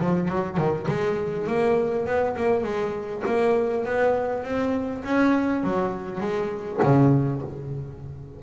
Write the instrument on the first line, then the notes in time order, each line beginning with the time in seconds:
double bass
0.00 F3
0.29 F#3
0.57 D#3
0.88 G#3
1.47 A#3
2.07 B3
2.37 A#3
2.64 G#3
3.26 A#3
3.85 B3
4.44 C4
5.04 C#4
5.64 F#3
6.20 G#3
6.83 C#3